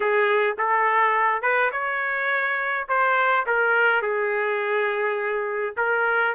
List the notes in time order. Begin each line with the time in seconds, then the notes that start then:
0.00 G#4
0.58 A4
1.41 B4
1.72 C#5
2.88 C5
3.46 A#4
4.02 G#4
5.77 A#4